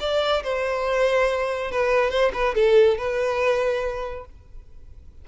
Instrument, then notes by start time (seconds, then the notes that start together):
violin
0.00 D5
0.43 C5
1.71 B4
2.10 C5
2.33 B4
2.55 A4
2.97 B4